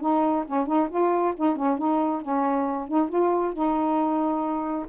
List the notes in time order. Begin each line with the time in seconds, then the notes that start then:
0.00 D#4
0.46 C#4
0.66 D#4
0.89 F4
1.36 D#4
1.56 C#4
1.78 D#4
2.21 C#4
2.88 D#4
3.08 F4
3.53 D#4